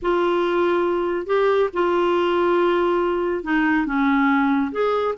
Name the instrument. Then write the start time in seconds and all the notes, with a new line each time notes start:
clarinet
0.01 F4
1.26 G4
1.73 F4
3.43 D#4
3.86 C#4
4.72 G#4